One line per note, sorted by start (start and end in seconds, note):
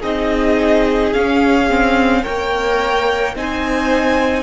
0.00 1.13 C4
0.00 1.14 D#4
0.00 2.22 G#4
0.00 1.13 D#5
1.13 2.24 C#4
1.13 1.70 C#4
1.13 2.24 F5
1.70 2.24 C4
2.23 3.35 A#3
2.23 3.35 A#4
2.23 3.34 C#5
2.23 3.35 G5
3.35 4.43 C4
3.35 4.43 D#4
3.35 4.43 C5
3.35 4.43 G#5